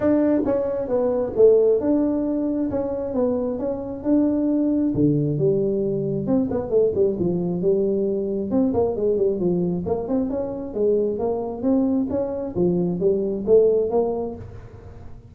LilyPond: \new Staff \with { instrumentName = "tuba" } { \time 4/4 \tempo 4 = 134 d'4 cis'4 b4 a4 | d'2 cis'4 b4 | cis'4 d'2 d4 | g2 c'8 b8 a8 g8 |
f4 g2 c'8 ais8 | gis8 g8 f4 ais8 c'8 cis'4 | gis4 ais4 c'4 cis'4 | f4 g4 a4 ais4 | }